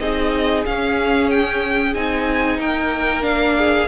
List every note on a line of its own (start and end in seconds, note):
0.00 0.65 C4
0.00 0.66 D#4
0.00 2.61 G#4
0.00 0.65 D#5
0.66 1.95 C#4
0.66 1.30 F5
1.30 1.95 G5
1.95 2.59 C4
1.95 3.22 D#4
1.95 2.60 G#5
2.59 3.89 A#3
2.59 3.58 A#4
2.59 3.24 G5
3.22 3.87 D4
3.22 3.89 F5
3.58 3.89 G#4